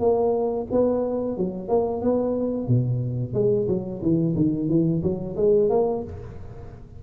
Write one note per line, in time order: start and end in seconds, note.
0.00 0.67 A#3
0.72 1.37 B3
1.37 1.69 F#3
1.69 2.02 A#3
2.02 2.68 B3
2.68 3.34 B2
3.34 3.67 G#3
3.68 4.02 F#3
4.02 4.35 E3
4.36 4.69 D#3
4.69 5.02 E3
5.03 5.37 F#3
5.37 5.70 G#3
5.70 6.04 A#3